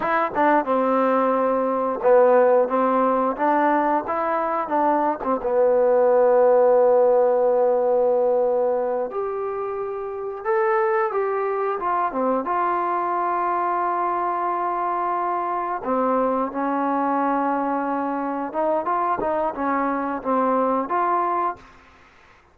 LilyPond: \new Staff \with { instrumentName = "trombone" } { \time 4/4 \tempo 4 = 89 e'8 d'8 c'2 b4 | c'4 d'4 e'4 d'8. c'16 | b1~ | b4. g'2 a'8~ |
a'8 g'4 f'8 c'8 f'4.~ | f'2.~ f'8 c'8~ | c'8 cis'2. dis'8 | f'8 dis'8 cis'4 c'4 f'4 | }